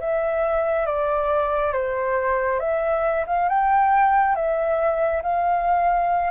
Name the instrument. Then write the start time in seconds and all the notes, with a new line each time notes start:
flute
0.00 E5
0.86 D5
1.73 C5
2.60 E5
3.27 F5
3.49 G5
4.35 E5
5.23 F5